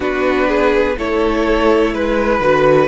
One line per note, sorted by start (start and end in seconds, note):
0.00 0.96 B3
0.00 0.96 D4
0.00 0.47 F#4
0.00 0.98 B4
0.47 0.96 G#4
0.98 1.94 A3
0.98 2.42 E4
0.98 1.93 A4
0.98 1.94 C#5
1.93 2.40 G#3
1.93 2.87 B4
2.40 2.87 D3
2.40 2.87 F#4